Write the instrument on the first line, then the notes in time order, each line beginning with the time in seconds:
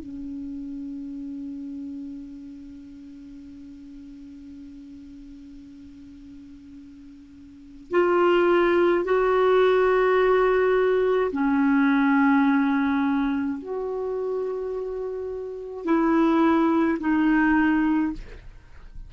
clarinet
0.00 C#4
7.91 F4
9.05 F#4
11.32 C#4
13.58 F#4
15.85 E4
17.00 D#4